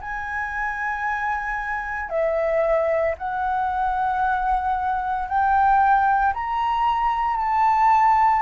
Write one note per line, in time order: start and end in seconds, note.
0.00 2.09 G#5
2.09 3.14 E5
3.17 5.28 F#5
5.28 6.33 G5
6.33 7.36 A#5
7.36 8.42 A5